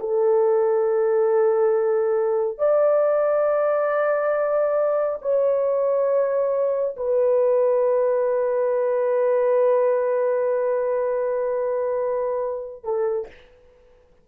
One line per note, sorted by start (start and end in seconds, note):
0.00 2.58 A4
2.58 5.19 D5
5.22 6.96 C#5
6.97 12.84 B4
12.84 13.28 A4